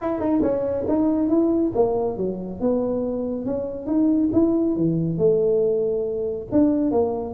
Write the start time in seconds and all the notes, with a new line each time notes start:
0.01 E4
0.19 D#4
0.42 C#4
0.88 D#4
1.29 E4
1.75 A#3
2.17 F#3
2.60 B3
3.45 C#4
3.86 D#4
4.32 E4
4.76 E3
5.18 A3
6.51 D4
6.91 A#3